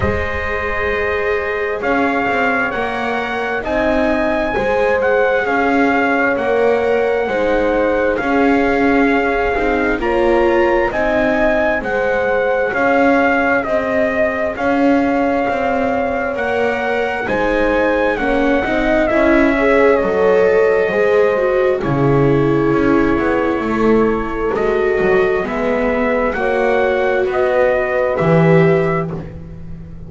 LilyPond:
<<
  \new Staff \with { instrumentName = "trumpet" } { \time 4/4 \tempo 4 = 66 dis''2 f''4 fis''4 | gis''4. fis''8 f''4 fis''4~ | fis''4 f''2 ais''4 | gis''4 fis''4 f''4 dis''4 |
f''2 fis''4 gis''4 | fis''4 e''4 dis''2 | cis''2. dis''4 | e''4 fis''4 dis''4 e''4 | }
  \new Staff \with { instrumentName = "horn" } { \time 4/4 c''2 cis''2 | dis''4 c''4 cis''2 | c''4 gis'2 cis''4 | dis''4 c''4 cis''4 dis''4 |
cis''2. c''4 | cis''8 dis''4 cis''4. c''4 | gis'2 a'2 | b'4 cis''4 b'2 | }
  \new Staff \with { instrumentName = "viola" } { \time 4/4 gis'2. ais'4 | dis'4 gis'2 ais'4 | dis'4 cis'4. dis'8 f'4 | dis'4 gis'2.~ |
gis'2 ais'4 dis'4 | cis'8 dis'8 e'8 gis'8 a'4 gis'8 fis'8 | e'2. fis'4 | b4 fis'2 g'4 | }
  \new Staff \with { instrumentName = "double bass" } { \time 4/4 gis2 cis'8 c'8 ais4 | c'4 gis4 cis'4 ais4 | gis4 cis'4. c'8 ais4 | c'4 gis4 cis'4 c'4 |
cis'4 c'4 ais4 gis4 | ais8 c'8 cis'4 fis4 gis4 | cis4 cis'8 b8 a4 gis8 fis8 | gis4 ais4 b4 e4 | }
>>